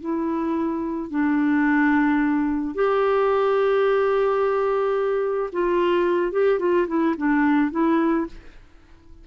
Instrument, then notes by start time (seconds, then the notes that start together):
clarinet
0.00 E4
1.10 D4
2.74 G4
5.52 F4
6.32 G4
6.59 F4
6.87 E4
7.17 D4
7.71 E4